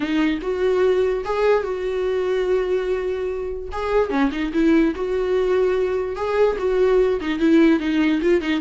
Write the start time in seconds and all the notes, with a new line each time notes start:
0.00 D#4
0.42 F#4
1.25 G#4
1.63 F#4
3.71 G#4
4.10 C#4
4.31 D#4
4.53 E4
4.95 F#4
6.16 G#4
6.58 F#4
7.20 D#4
7.39 E4
7.79 D#4
8.21 F4
8.41 D#4